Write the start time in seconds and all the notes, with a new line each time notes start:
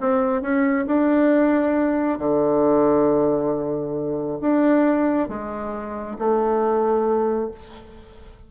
0.00 C4
0.41 C#4
0.86 D4
2.18 D3
4.40 D4
5.28 G#3
6.18 A3